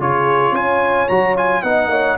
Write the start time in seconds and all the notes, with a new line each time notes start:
0.00 C#3 F4 G#4 C#5
0.52 C#4 C#5 G#5
1.09 F#3 F#4 A#5
1.37 F4 G#5
1.63 B3 D#4 D#5 F#5
1.88 A#3 C#5